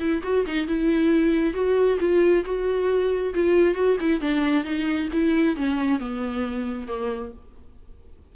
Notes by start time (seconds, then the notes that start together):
0.00 E4
0.23 F#4
0.46 D#4
0.67 E4
1.54 F#4
2.00 F4
2.45 F#4
3.35 F4
3.75 F#4
4.01 E4
4.21 D4
4.65 D#4
5.13 E4
5.57 C#4
6.00 B3
6.88 A#3